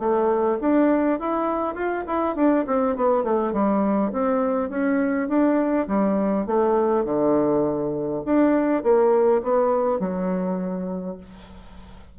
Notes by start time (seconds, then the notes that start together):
0.00 A3
0.61 D4
1.20 E4
1.75 F4
2.07 E4
2.36 D4
2.67 C4
2.96 B3
3.24 A3
3.53 G3
4.13 C4
4.70 C#4
5.29 D4
5.88 G3
6.47 A3
7.05 D3
8.26 D4
8.84 A#3
9.43 B3
10.00 F#3